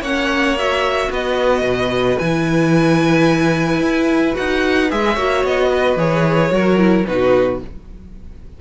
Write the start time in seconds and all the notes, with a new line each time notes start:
0.00 A#3 C#4 C#5 F#5
0.57 F#4 E5
1.10 B3 B4 D#5
1.62 B2
2.18 E3 E4 G#5
3.80 E4
4.33 D#4 F#4 F#5
4.90 G#3 G#4 E5
5.13 A#3 F#4 C#5
5.43 B3 D#5
5.70 B4
5.95 E3 G#4 C#5
6.50 F#3 F#4 A#4
6.77 E4
7.06 B2 D#4 F#4 B4